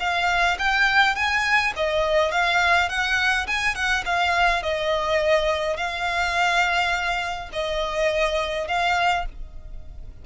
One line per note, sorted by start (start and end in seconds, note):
0.00 0.58 F5
0.59 1.16 G5
1.16 1.74 G#5
1.76 2.32 D#5
2.32 2.89 F5
2.89 3.47 F#5
3.47 3.75 G#5
3.75 4.04 F#5
4.06 4.63 F5
4.63 5.77 D#5
5.77 7.50 F5
7.53 8.68 D#5
8.68 9.26 F5